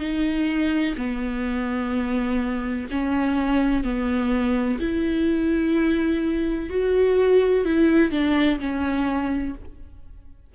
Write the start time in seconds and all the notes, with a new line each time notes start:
0.00 D#4
0.98 B3
2.91 C#4
3.84 B3
4.80 E4
6.70 F#4
7.65 E4
8.12 D4
8.60 C#4